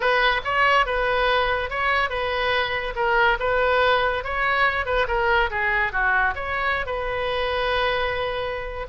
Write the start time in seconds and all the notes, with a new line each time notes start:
0.00 B4
0.44 C#5
0.86 B4
1.69 C#5
2.09 B4
2.95 A#4
3.39 B4
4.24 C#5
4.85 B4
5.07 A#4
5.50 G#4
5.92 F#4
6.35 C#5
6.86 B4